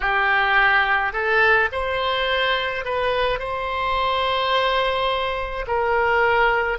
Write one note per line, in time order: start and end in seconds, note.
0.00 1.12 G4
1.12 1.69 A4
1.72 2.85 C5
2.85 3.39 B4
3.39 5.65 C5
5.67 6.78 A#4